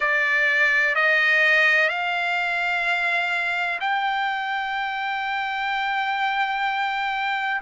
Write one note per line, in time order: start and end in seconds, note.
0.00 0.95 D5
0.95 1.88 D#5
1.88 3.79 F5
3.80 7.61 G5